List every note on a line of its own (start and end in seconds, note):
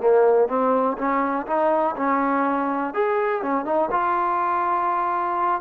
0.00 0.48 A#3
0.48 0.97 C4
0.98 1.46 C#4
1.46 1.95 D#4
1.96 2.94 C#4
2.94 3.42 G#4
3.42 3.65 C#4
3.65 3.89 D#4
3.91 5.61 F4